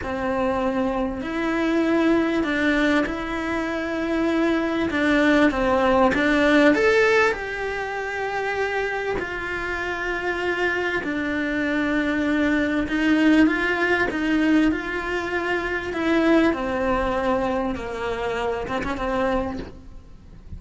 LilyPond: \new Staff \with { instrumentName = "cello" } { \time 4/4 \tempo 4 = 98 c'2 e'2 | d'4 e'2. | d'4 c'4 d'4 a'4 | g'2. f'4~ |
f'2 d'2~ | d'4 dis'4 f'4 dis'4 | f'2 e'4 c'4~ | c'4 ais4. c'16 cis'16 c'4 | }